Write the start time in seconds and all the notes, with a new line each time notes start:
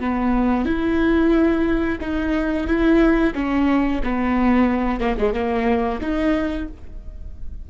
0.00 B3
0.65 E4
2.00 D#4
2.67 E4
3.35 C#4
4.03 B3
5.00 A#3
5.18 G#3
5.33 A#3
6.01 D#4